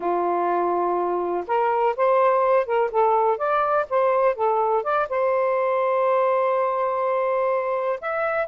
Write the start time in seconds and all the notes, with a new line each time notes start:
0.00 F4
1.47 A#4
1.96 C5
2.66 A#4
2.91 A4
3.37 D5
3.89 C5
4.35 A4
4.83 D5
5.09 C5
8.00 E5